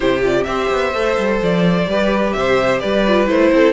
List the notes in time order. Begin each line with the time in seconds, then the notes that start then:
0.00 C3 E4 G4 C5
0.22 F4 D5
0.43 C4 G4 C5 E5
0.70 B3
0.93 A3 A4
1.17 G3
1.42 F3 D5
1.87 G3 G4 B4
2.32 C3 C5 E5
2.80 G3 B4 D5
3.07 F4
3.26 A3 E4 C5
3.52 C4 A4